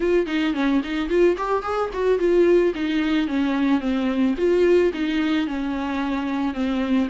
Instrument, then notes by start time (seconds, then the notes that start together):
viola
0.00 F4
0.26 D#4
0.54 C#4
0.83 D#4
1.09 F4
1.37 G4
1.62 G#4
1.93 F#4
2.18 F4
2.74 D#4
3.27 C#4
3.80 C4
4.37 F4
4.93 D#4
5.47 C#4
6.53 C4